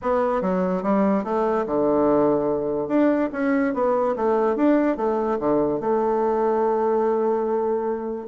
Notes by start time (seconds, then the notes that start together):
0.02 B3
0.41 F#3
0.82 G3
1.24 A3
1.66 D3
2.88 D4
3.32 C#4
3.74 B3
4.16 A3
4.56 D4
4.97 A3
5.39 D3
5.80 A3